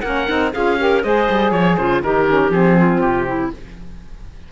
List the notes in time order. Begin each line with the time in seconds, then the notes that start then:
0.00 A#3 C#4 A#4 F#5
0.27 C4 D#4
0.52 C#4 F4 G#4 F5
0.77 G4 A#4
1.02 G#3 G#4 C5 D#5
1.29 G3
1.51 F3 C#5
1.76 C#3 F4 C5
2.01 D#3 D#4 G4 A#4
2.27 C#4
2.50 F3 C4 G#4
2.78 F4
3.00 C3 G4
3.27 E4